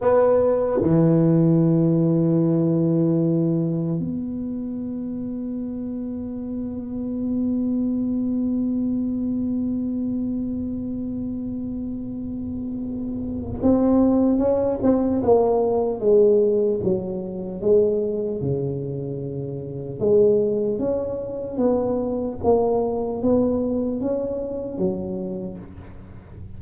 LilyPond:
\new Staff \with { instrumentName = "tuba" } { \time 4/4 \tempo 4 = 75 b4 e2.~ | e4 b2.~ | b1~ | b1~ |
b4 c'4 cis'8 c'8 ais4 | gis4 fis4 gis4 cis4~ | cis4 gis4 cis'4 b4 | ais4 b4 cis'4 fis4 | }